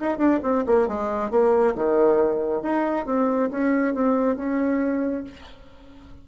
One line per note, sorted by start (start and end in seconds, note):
0.00 0.19 D#4
0.19 0.40 D4
0.43 0.65 C4
0.67 0.88 A#3
0.88 1.31 G#3
1.31 1.75 A#3
1.76 2.63 D#3
2.63 3.06 D#4
3.06 3.50 C4
3.51 3.95 C#4
3.95 4.37 C4
4.37 5.24 C#4